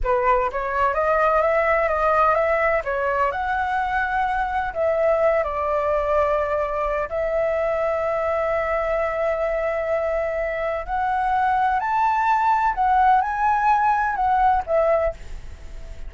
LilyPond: \new Staff \with { instrumentName = "flute" } { \time 4/4 \tempo 4 = 127 b'4 cis''4 dis''4 e''4 | dis''4 e''4 cis''4 fis''4~ | fis''2 e''4. d''8~ | d''2. e''4~ |
e''1~ | e''2. fis''4~ | fis''4 a''2 fis''4 | gis''2 fis''4 e''4 | }